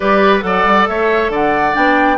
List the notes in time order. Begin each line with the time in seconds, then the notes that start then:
0.00 G3 G4 B4 D5
0.40 F#3 A4 D5 F#5
0.64 G3
0.87 A3 C#5 E5
1.29 D3 D5 F#5
1.73 B3 D4 G5